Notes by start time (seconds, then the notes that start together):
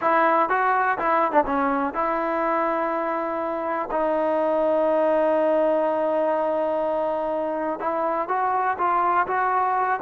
0.01 E4
0.49 F#4
0.98 E4
1.31 D4
1.46 C#4
1.94 E4
3.91 D#4
7.79 E4
8.28 F#4
8.78 F4
9.27 F#4